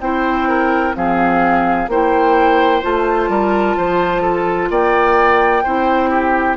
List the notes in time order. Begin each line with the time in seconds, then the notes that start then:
0.00 C4 E4 C5 G5
0.49 A#4
0.94 F3 C4 G#4 F5
1.88 A#3 E4 C5 G5
2.82 A3 F4 A5
3.29 G3 A#4
3.77 F3 C5
4.22 A4
4.70 A#3 D5 G5
5.64 C4 E4 C5
6.10 G4